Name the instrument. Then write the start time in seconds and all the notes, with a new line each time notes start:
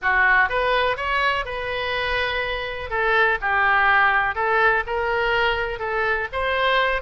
oboe
0.02 F#4
0.49 B4
0.97 C#5
1.45 B4
2.90 A4
3.41 G4
4.35 A4
4.86 A#4
5.79 A4
6.32 C5